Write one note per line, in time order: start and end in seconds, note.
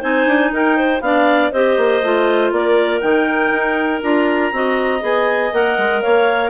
0.00 0.26 C4
0.00 1.01 D#4
0.00 0.50 C5
0.00 0.52 G#5
0.26 0.51 D4
0.52 1.01 D#4
0.52 0.76 A#4
0.52 1.01 G5
0.76 1.01 C5
1.01 1.51 B3
1.01 1.52 D4
1.01 1.51 D5
1.01 1.51 F5
1.51 1.77 C4
1.51 2.03 G4
1.51 2.51 C5
1.51 2.51 D#5
1.77 2.02 A#3
2.02 2.51 A3
2.02 3.01 F4
2.51 3.01 A#3
2.51 4.54 A#4
2.51 3.00 D5
3.00 3.51 D#3
3.00 4.01 D#4
3.00 4.00 G5
3.51 4.01 D#4
4.02 4.52 D4
4.02 4.52 F4
4.02 5.03 A#5
4.52 5.02 C4
4.52 4.99 F#4
4.52 6.02 D#5
4.99 5.52 B3
4.99 5.49 G#4
4.99 5.53 G#5
5.53 5.77 A#3
5.53 6.49 A#4
5.53 6.01 F#5
5.77 6.02 G#3
6.01 6.49 A#3
6.01 6.49 C#5
6.01 6.49 F5